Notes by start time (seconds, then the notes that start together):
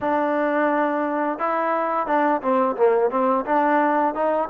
0.01 D4
1.38 E4
2.07 D4
2.41 C4
2.76 A#3
3.10 C4
3.45 D4
4.14 D#4